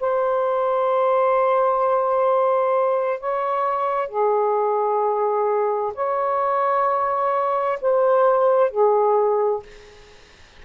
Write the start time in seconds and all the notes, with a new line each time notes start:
0.00 C5
3.21 C#5
4.09 G#4
5.95 C#5
7.82 C5
8.71 G#4